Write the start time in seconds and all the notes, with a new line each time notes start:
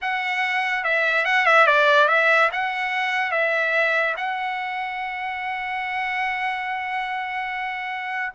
0.01 F#5
0.84 E5
1.25 F#5
1.46 E5
1.66 D5
2.07 E5
2.52 F#5
3.31 E5
4.16 F#5